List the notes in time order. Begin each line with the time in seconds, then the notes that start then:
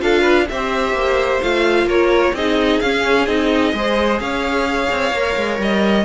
0.00 D4 F4 A4 F5
0.21 B4
0.48 C4 G4 C5 E5
0.93 A#3
1.42 A3 F4 F5
1.85 A#3 A#4 C#5
2.33 C4 D#4 G#4 D#5
2.80 C#4 F5
3.26 C4 D#4 D#5
3.73 G#3 G#4 C5
4.19 C#4 C#5 F5
4.91 C4
5.12 A#3 A#4
5.36 G#3
5.59 G3 D#5